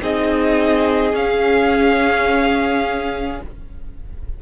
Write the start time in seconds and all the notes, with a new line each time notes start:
0.00 C4 D#4 G#4 D#5
1.12 C#4 F5